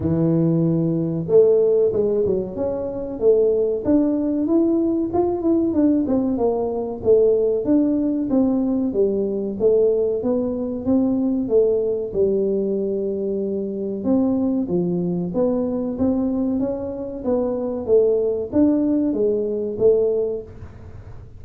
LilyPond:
\new Staff \with { instrumentName = "tuba" } { \time 4/4 \tempo 4 = 94 e2 a4 gis8 fis8 | cis'4 a4 d'4 e'4 | f'8 e'8 d'8 c'8 ais4 a4 | d'4 c'4 g4 a4 |
b4 c'4 a4 g4~ | g2 c'4 f4 | b4 c'4 cis'4 b4 | a4 d'4 gis4 a4 | }